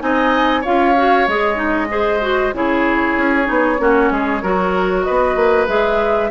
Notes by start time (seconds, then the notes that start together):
0.00 C4 D#4 D#5 G#5
0.61 C#4 F4 C#5 F5
0.96 F#4
1.27 G#3 G#4 D#5
1.55 D#4
1.89 G#4 C5
2.21 F#4
2.53 C#3 E4 G#4 C#5
3.17 C#4
3.45 B3 D#4
3.79 A#3 C#4 F#4
4.11 G#3 G#4
4.42 F#3 F#4 A#4
5.03 B4 D#5
5.09 B3
5.36 A#3
5.67 G#3 G#4 E5